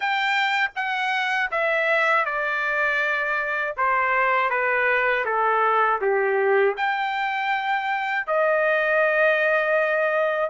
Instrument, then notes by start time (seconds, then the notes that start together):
trumpet
0.00 G5
0.75 F#5
1.51 E5
2.25 D5
3.77 C5
4.50 B4
5.25 A4
6.01 G4
6.77 G5
8.26 D#5